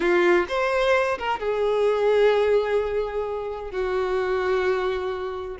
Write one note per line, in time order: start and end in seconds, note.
0.00 0.46 F4
0.48 1.18 C5
1.18 1.39 A#4
1.39 3.71 G#4
3.71 5.57 F#4